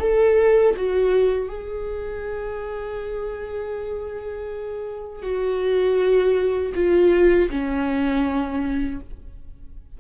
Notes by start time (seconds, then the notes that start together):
0.00 A4
0.77 F#4
1.49 G#4
5.23 F#4
6.75 F4
7.51 C#4